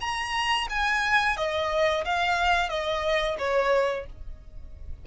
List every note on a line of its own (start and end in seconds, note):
0.00 0.67 A#5
0.70 1.37 G#5
1.37 2.04 D#5
2.04 2.69 F5
2.69 3.36 D#5
3.38 4.05 C#5